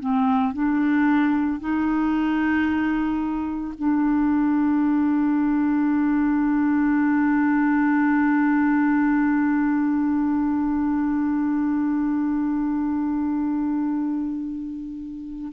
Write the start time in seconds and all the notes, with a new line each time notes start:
0.00 C4
0.53 D4
1.60 D#4
3.78 D4